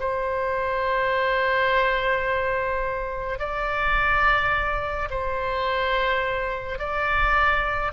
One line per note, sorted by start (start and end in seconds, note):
0.00 3.39 C5
3.39 5.09 D5
5.10 6.79 C5
6.79 7.92 D5